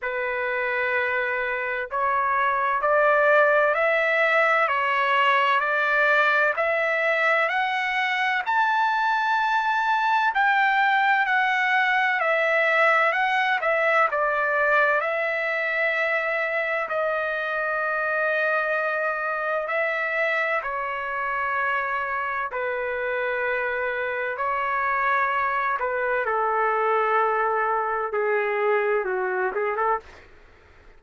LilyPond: \new Staff \with { instrumentName = "trumpet" } { \time 4/4 \tempo 4 = 64 b'2 cis''4 d''4 | e''4 cis''4 d''4 e''4 | fis''4 a''2 g''4 | fis''4 e''4 fis''8 e''8 d''4 |
e''2 dis''2~ | dis''4 e''4 cis''2 | b'2 cis''4. b'8 | a'2 gis'4 fis'8 gis'16 a'16 | }